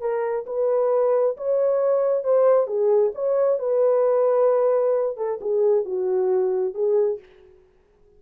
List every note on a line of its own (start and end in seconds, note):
0.00 0.45 A#4
0.46 1.36 B4
1.37 2.23 C#5
2.23 2.67 C5
2.67 3.12 G#4
3.14 3.58 C#5
3.58 5.17 B4
5.17 5.39 A4
5.41 5.85 G#4
5.85 6.74 F#4
6.74 7.19 G#4